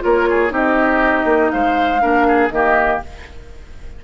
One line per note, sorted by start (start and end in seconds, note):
0.00 0.51 A#3
0.00 0.49 F4
0.00 0.29 A#4
0.00 0.52 C#5
0.30 0.52 G#4
0.49 1.24 C4
0.49 1.98 D#4
0.49 1.51 G4
0.49 1.51 D#5
1.24 1.49 A#3
1.51 2.03 G#3
1.51 2.01 C5
1.51 2.50 F5
2.00 2.50 A#3
2.00 2.50 D4
2.00 2.26 A#4
2.27 2.52 G#4
2.50 2.99 D#3
2.50 3.03 A#3
2.50 3.04 G4
2.50 2.99 D#5